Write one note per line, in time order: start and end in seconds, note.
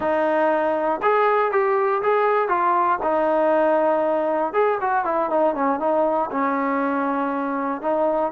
0.00 1.01 D#4
1.02 1.51 G#4
1.51 2.02 G4
2.02 2.48 G#4
2.48 2.98 F4
3.03 4.53 D#4
4.53 4.78 G#4
4.80 5.04 F#4
5.04 5.29 E4
5.30 5.55 D#4
5.55 5.79 C#4
5.79 6.30 D#4
6.31 7.81 C#4
7.81 8.31 D#4